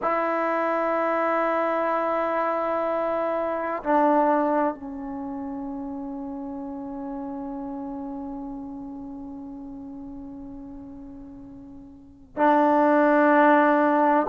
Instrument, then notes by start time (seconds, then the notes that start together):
trombone
0.02 E4
3.83 D4
4.74 C#4
12.36 D4